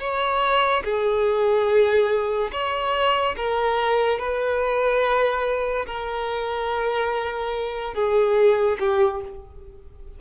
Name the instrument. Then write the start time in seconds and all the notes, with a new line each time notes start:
violin
0.00 C#5
0.84 G#4
2.52 C#5
3.37 A#4
4.19 B4
5.86 A#4
7.94 G#4
8.80 G4